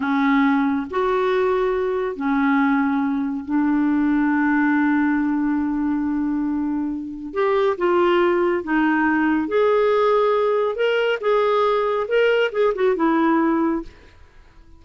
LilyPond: \new Staff \with { instrumentName = "clarinet" } { \time 4/4 \tempo 4 = 139 cis'2 fis'2~ | fis'4 cis'2. | d'1~ | d'1~ |
d'4 g'4 f'2 | dis'2 gis'2~ | gis'4 ais'4 gis'2 | ais'4 gis'8 fis'8 e'2 | }